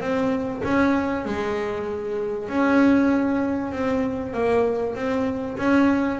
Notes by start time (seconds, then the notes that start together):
0.00 C4
0.64 C#4
1.25 G#3
2.48 C#4
3.71 C4
4.33 A#3
4.95 C4
5.57 C#4